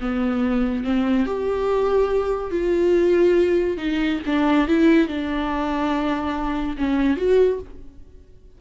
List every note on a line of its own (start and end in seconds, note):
0.00 0.84 B3
0.84 1.26 C4
1.26 2.51 G4
2.51 3.77 F4
3.77 4.19 D#4
4.26 4.68 D4
4.68 5.08 E4
5.08 6.77 D4
6.77 7.17 C#4
7.17 7.59 F#4